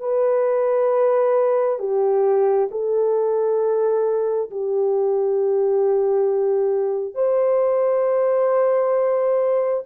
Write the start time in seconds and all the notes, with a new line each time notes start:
0.00 B4
1.79 G4
2.71 A4
4.51 G4
7.15 C5